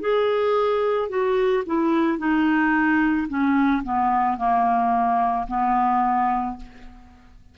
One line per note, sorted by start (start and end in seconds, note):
0.00 1.09 G#4
1.09 1.63 F#4
1.66 2.18 E4
2.18 3.27 D#4
3.28 3.82 C#4
3.83 4.37 B3
4.37 5.46 A#3
5.47 6.56 B3